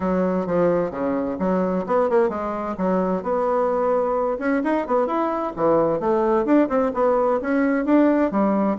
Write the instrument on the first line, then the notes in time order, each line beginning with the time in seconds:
bassoon
0.00 F#3
0.46 F3
0.90 C#3
1.39 F#3
1.86 B3
2.09 A#3
2.29 G#3
2.77 F#3
3.22 B3
4.38 C#4
4.63 D#4
4.87 B3
5.06 E4
5.56 E3
5.99 A3
6.45 D4
6.68 C4
6.94 B3
7.41 C#4
7.85 D4
8.31 G3